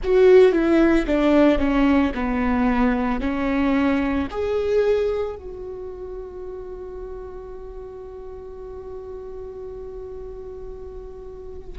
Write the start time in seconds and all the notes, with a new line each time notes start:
0.03 F#4
0.52 E4
1.06 D4
1.58 C#4
2.14 B3
3.20 C#4
4.31 G#4
5.36 F#4